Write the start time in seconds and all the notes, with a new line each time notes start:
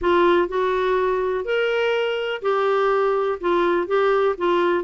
0.01 F4
0.48 F#4
1.45 A#4
2.41 G4
3.40 F4
3.87 G4
4.37 F4